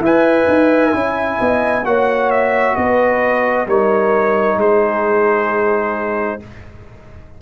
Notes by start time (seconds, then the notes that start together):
0.00 E4 B4 E5 G#5
0.48 D#4
0.92 C#4 E4
1.39 B3 D#5
1.84 A#3 F#4 C#5 F#5
2.30 E5
2.75 B3 B4 D#5
3.66 G3 D#4 A#4 C#5
4.56 G#3 G#4 C5